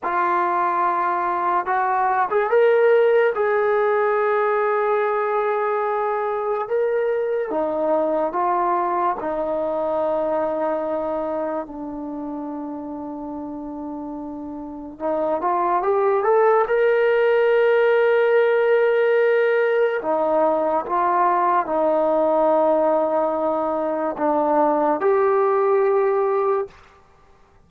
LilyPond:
\new Staff \with { instrumentName = "trombone" } { \time 4/4 \tempo 4 = 72 f'2 fis'8. gis'16 ais'4 | gis'1 | ais'4 dis'4 f'4 dis'4~ | dis'2 d'2~ |
d'2 dis'8 f'8 g'8 a'8 | ais'1 | dis'4 f'4 dis'2~ | dis'4 d'4 g'2 | }